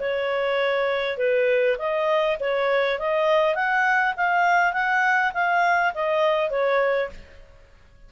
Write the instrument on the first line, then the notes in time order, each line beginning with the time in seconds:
clarinet
0.00 C#5
1.18 B4
1.78 D#5
2.40 C#5
2.99 D#5
3.55 F#5
4.17 F5
4.73 F#5
5.34 F5
5.95 D#5
6.51 C#5